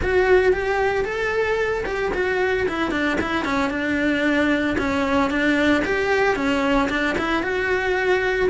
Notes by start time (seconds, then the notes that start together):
0.02 F#4
0.52 G4
1.04 A4
1.85 G4
2.14 F#4
2.68 E4
2.91 D4
3.20 E4
3.45 C#4
3.70 D4
4.78 C#4
5.30 D4
5.85 G4
6.36 C#4
6.89 D4
7.18 E4
7.42 F#4